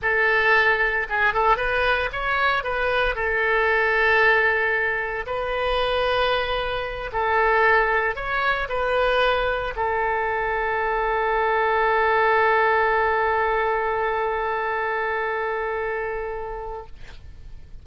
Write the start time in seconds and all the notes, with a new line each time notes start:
0.01 A4
1.09 G#4
1.33 A4
1.56 B4
2.12 C#5
2.63 B4
3.15 A4
5.26 B4
7.12 A4
8.15 C#5
8.68 B4
9.76 A4